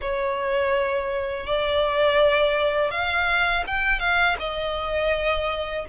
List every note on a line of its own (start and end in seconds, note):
0.01 1.46 C#5
1.46 2.91 D5
2.91 3.64 F5
3.67 3.99 G5
3.99 4.36 F5
4.39 5.85 D#5